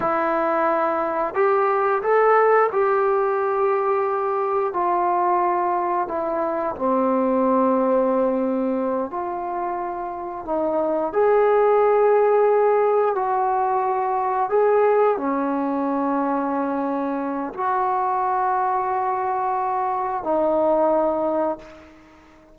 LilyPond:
\new Staff \with { instrumentName = "trombone" } { \time 4/4 \tempo 4 = 89 e'2 g'4 a'4 | g'2. f'4~ | f'4 e'4 c'2~ | c'4. f'2 dis'8~ |
dis'8 gis'2. fis'8~ | fis'4. gis'4 cis'4.~ | cis'2 fis'2~ | fis'2 dis'2 | }